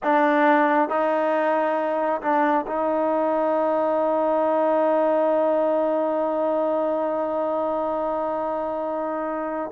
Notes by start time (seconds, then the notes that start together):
0.03 D4
0.88 D#4
2.21 D4
2.66 D#4